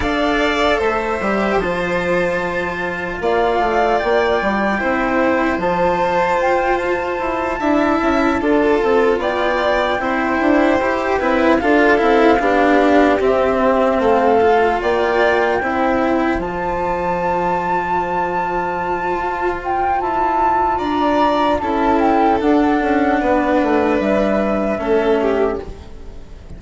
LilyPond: <<
  \new Staff \with { instrumentName = "flute" } { \time 4/4 \tempo 4 = 75 f''4 e''4 a''2 | f''4 g''2 a''4 | g''8 a''2. g''8~ | g''2~ g''8 f''4.~ |
f''8 e''4 f''4 g''4.~ | g''8 a''2.~ a''8~ | a''8 g''8 a''4 ais''4 a''8 g''8 | fis''2 e''2 | }
  \new Staff \with { instrumentName = "violin" } { \time 4/4 d''4 c''2. | d''2 c''2~ | c''4. e''4 a'4 d''8~ | d''8 c''4. b'8 a'4 g'8~ |
g'4. a'4 d''4 c''8~ | c''1~ | c''2 d''4 a'4~ | a'4 b'2 a'8 g'8 | }
  \new Staff \with { instrumentName = "cello" } { \time 4/4 a'4. g'8 f'2~ | f'2 e'4 f'4~ | f'4. e'4 f'4.~ | f'8 e'4 g'8 e'8 f'8 e'8 d'8~ |
d'8 c'4. f'4. e'8~ | e'8 f'2.~ f'8~ | f'2. e'4 | d'2. cis'4 | }
  \new Staff \with { instrumentName = "bassoon" } { \time 4/4 d'4 a8 g8 f2 | ais8 a8 ais8 g8 c'4 f4 | f'4 e'8 d'8 cis'8 d'8 c'8 b8~ | b8 c'8 d'8 e'8 c'8 d'8 c'8 b8~ |
b8 c'4 a4 ais4 c'8~ | c'8 f2.~ f8 | f'4 e'4 d'4 cis'4 | d'8 cis'8 b8 a8 g4 a4 | }
>>